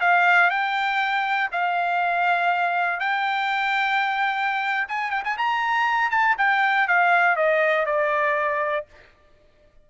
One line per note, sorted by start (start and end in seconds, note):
0.00 0.50 F5
0.50 1.50 G5
1.52 3.00 F5
3.00 4.87 G5
4.88 5.10 G#5
5.10 5.23 G5
5.24 5.37 G#5
5.37 6.10 A#5
6.10 6.35 A5
6.38 6.88 G5
6.88 7.36 F5
7.36 7.86 D#5
7.86 8.86 D5